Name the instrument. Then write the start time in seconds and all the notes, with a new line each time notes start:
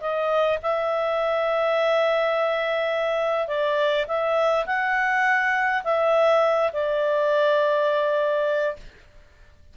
clarinet
0.00 D#5
0.62 E5
3.47 D5
4.07 E5
4.66 F#5
5.83 E5
6.72 D5